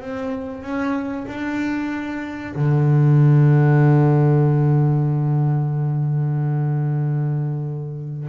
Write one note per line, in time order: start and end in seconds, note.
0.00 0.62 C4
0.62 1.26 C#4
1.27 2.55 D4
2.55 8.28 D3